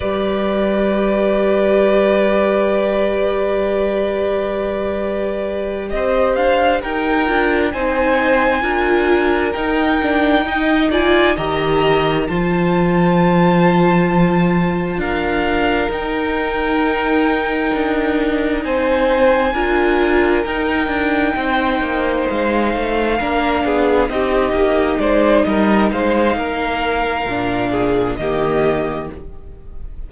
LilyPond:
<<
  \new Staff \with { instrumentName = "violin" } { \time 4/4 \tempo 4 = 66 d''1~ | d''2~ d''8 dis''8 f''8 g''8~ | g''8 gis''2 g''4. | gis''8 ais''4 a''2~ a''8~ |
a''8 f''4 g''2~ g''8~ | g''8 gis''2 g''4.~ | g''8 f''2 dis''4 d''8 | dis''8 f''2~ f''8 dis''4 | }
  \new Staff \with { instrumentName = "violin" } { \time 4/4 b'1~ | b'2~ b'8 c''4 ais'8~ | ais'8 c''4 ais'2 dis''8 | d''8 dis''4 c''2~ c''8~ |
c''8 ais'2.~ ais'8~ | ais'8 c''4 ais'2 c''8~ | c''4. ais'8 gis'8 g'4 c''8 | ais'8 c''8 ais'4. gis'8 g'4 | }
  \new Staff \with { instrumentName = "viola" } { \time 4/4 g'1~ | g'1 | f'8 dis'4 f'4 dis'8 d'8 dis'8 | f'8 g'4 f'2~ f'8~ |
f'4. dis'2~ dis'8~ | dis'4. f'4 dis'4.~ | dis'4. d'4 dis'4.~ | dis'2 d'4 ais4 | }
  \new Staff \with { instrumentName = "cello" } { \time 4/4 g1~ | g2~ g8 c'8 d'8 dis'8 | d'8 c'4 d'4 dis'4.~ | dis'8 dis4 f2~ f8~ |
f8 d'4 dis'2 d'8~ | d'8 c'4 d'4 dis'8 d'8 c'8 | ais8 gis8 a8 ais8 b8 c'8 ais8 gis8 | g8 gis8 ais4 ais,4 dis4 | }
>>